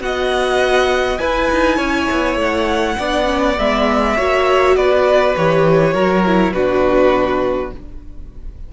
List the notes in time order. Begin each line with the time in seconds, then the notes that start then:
0.00 B3 F#4 D#5 F#5
1.18 E4 B4 G#5
1.52 D#4
1.77 C#4 C#5
2.12 B3
2.36 A3 F#5
2.99 B3 D4 D5
3.26 C#4
3.59 G#3 B3 E5
4.17 A#3 F#4 C#5
4.76 B3 B4 D5
5.36 E3 G4 C#5
5.94 F#3 F#4 A#4
6.26 E4
6.52 B2 D4 F#4 B4